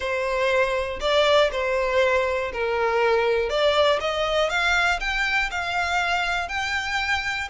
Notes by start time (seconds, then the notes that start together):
0.00 C5
1.00 D5
1.51 C5
2.52 A#4
3.49 D5
4.00 D#5
4.49 F5
5.00 G5
5.50 F5
6.48 G5